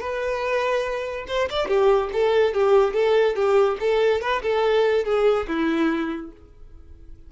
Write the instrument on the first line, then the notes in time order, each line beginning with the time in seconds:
violin
0.00 B4
1.28 C5
1.50 D5
1.68 G4
2.13 A4
2.54 G4
2.94 A4
3.36 G4
3.80 A4
4.21 B4
4.43 A4
5.05 G#4
5.48 E4